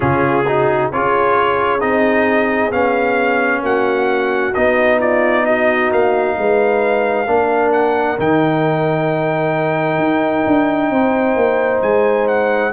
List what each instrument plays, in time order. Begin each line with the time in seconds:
0.00 tuba C#3, trombone C#4, horn F4, trumpet G#4
0.46 trombone D#4, horn F#4
0.91 tuba C#4, trombone F4, horn G#4, trumpet C#5
1.80 tuba C4, trombone D#4, trumpet D#5
2.71 tuba B3, trombone C#4, trumpet F5
3.62 tuba A#3, horn F#4, trumpet F#5
4.54 tuba B3, trombone D#4, trumpet D#5
4.98 horn F4, trumpet D5
5.45 horn F#4, trumpet D#5
5.91 tuba A#3, trumpet F5
6.37 tuba G#3, horn B4
7.26 tuba A#3, trombone D4, horn A#4
7.72 trumpet F#5
8.18 tuba D#3, trombone D#4, trumpet G5
9.98 tuba D#4
10.47 tuba D4
10.90 tuba C4, horn C5
11.35 tuba A#3
11.81 tuba G#3, trumpet G#5
12.27 trumpet F#5